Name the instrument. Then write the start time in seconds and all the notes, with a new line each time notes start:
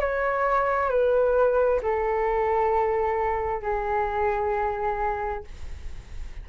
flute
0.00 C#5
0.89 B4
1.82 A4
3.62 G#4